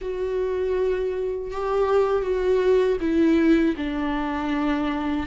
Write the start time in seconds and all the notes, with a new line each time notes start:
0.01 F#4
1.51 G4
2.22 F#4
3.00 E4
3.77 D4